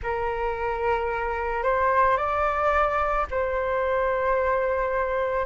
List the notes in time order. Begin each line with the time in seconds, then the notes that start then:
0.02 A#4
1.63 C5
2.17 D5
3.30 C5